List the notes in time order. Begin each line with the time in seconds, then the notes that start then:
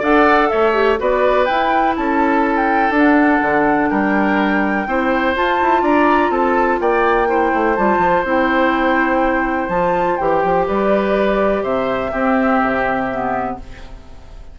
0.00 D4 A4 D5 F#5
0.49 A3 C#5 E5
0.73 G4
0.98 B3 F#4 B4 D5
1.46 E4 G5
1.97 C#4 A4 A5
2.57 G5
2.91 D4
2.98 F#5
3.42 D3
3.90 G3 A#4 G5
4.87 C4 E4 C5
5.36 F4 A5
5.62 E4
5.83 D4 D5 A#5
6.30 C4 A4 A5
6.80 A#3 D5 G5
7.27 E4 C5
7.54 A3
7.76 G3 F4 A5
7.98 F3
8.24 C4 E4 G5
9.69 F3 F4 A5
10.17 E3 G4 G5
10.44 F3
10.67 G3 B4 D5
11.63 C3 C5 E5
12.12 C4 G4
12.62 C3
13.11 B3